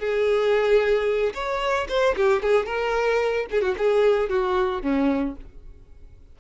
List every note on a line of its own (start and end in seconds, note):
0.00 1.34 G#4
1.34 1.88 C#5
1.89 2.16 C5
2.17 2.43 G4
2.43 2.66 G#4
2.66 3.47 A#4
3.51 3.62 G#4
3.62 3.75 F#4
3.78 4.30 G#4
4.30 4.83 F#4
4.83 5.36 C#4